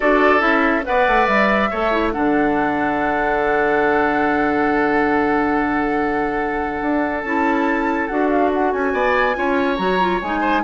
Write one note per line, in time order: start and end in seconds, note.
0.00 0.41 D4
0.00 0.39 F#4
0.00 0.84 A4
0.00 0.40 D5
0.39 0.83 C#4
0.39 0.81 E4
0.39 0.83 E5
0.83 1.07 B3
0.83 1.68 B4
0.83 1.70 D5
0.83 1.26 F#5
1.07 1.27 A3
1.26 1.70 G3
1.26 2.11 E5
1.70 2.15 A3
1.70 1.91 A4
1.70 2.12 C#5
1.91 2.12 E4
2.11 6.81 D3
2.11 7.23 D4
2.11 8.93 A4
2.11 7.22 F#5
6.81 7.23 D4
7.22 8.08 C#4
7.22 8.09 E4
7.22 8.07 A5
8.07 8.73 D4
8.07 9.34 F#4
8.07 8.28 F#5
8.29 8.50 F5
8.53 8.72 F#5
8.72 8.93 C#4
8.72 9.77 G#5
8.93 9.35 B3
8.93 9.36 D5
9.34 9.78 C#4
9.34 9.77 F4
9.34 10.40 C#5
9.77 10.21 F#3
9.77 9.98 F#4
9.77 10.19 A#5
10.00 10.21 F4
10.22 10.63 G#3
10.22 10.63 D#4
10.22 10.63 G#5
10.40 10.61 C5